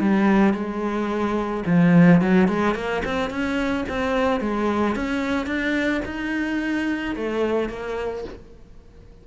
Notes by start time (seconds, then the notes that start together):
0.00 G3
0.54 G#3
1.66 F3
2.21 F#3
2.48 G#3
2.75 A#3
3.05 C4
3.30 C#4
3.89 C4
4.41 G#3
4.96 C#4
5.46 D4
6.06 D#4
7.16 A3
7.69 A#3